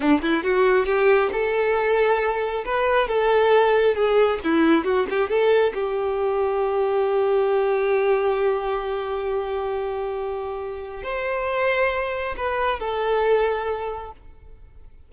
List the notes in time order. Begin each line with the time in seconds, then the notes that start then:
0.00 D4
0.21 E4
0.43 F#4
0.85 G4
1.32 A4
2.65 B4
3.08 A4
3.95 G#4
4.43 E4
4.84 F#4
5.09 G4
5.29 A4
5.74 G4
11.03 C5
12.36 B4
12.79 A4